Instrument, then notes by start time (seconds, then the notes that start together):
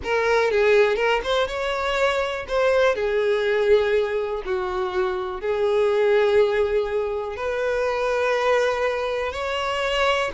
violin
0.03 A#4
0.50 G#4
0.96 A#4
1.23 C5
1.47 C#5
2.47 C5
2.95 G#4
4.45 F#4
5.41 G#4
7.36 B4
9.32 C#5